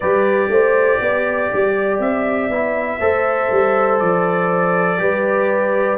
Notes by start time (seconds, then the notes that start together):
0.00 G3 G4 B4 D5
0.49 A3 C5
1.00 B3 D5
1.53 G3
1.99 C4 E5
2.49 B3 E4
3.00 A3 A4 C5
3.51 G3
3.98 F3 D5
4.97 G3 G4 B4